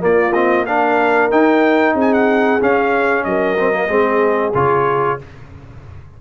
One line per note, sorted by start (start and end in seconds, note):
0.00 0.32 A#3
0.00 1.31 A#3
0.00 0.67 F4
0.00 0.33 D5
0.33 0.66 C4
0.33 0.65 D#5
0.66 1.31 D4
0.66 1.95 A#4
0.66 1.30 F5
1.31 2.60 D#4
1.31 1.94 D#4
1.31 1.96 G5
1.94 2.59 C4
1.94 3.24 G#4
2.00 2.13 G#5
2.13 2.61 F#5
2.60 3.57 C#4
2.60 3.25 C#4
2.60 3.24 F5
3.24 3.88 F#3
3.24 3.90 A#4
3.24 4.53 D#5
3.58 3.72 C4
3.72 3.88 A#3
3.88 4.53 G#3
3.88 4.53 C4
3.88 5.19 G#4
4.54 5.19 C#3
4.54 5.19 F4
4.54 5.21 C#5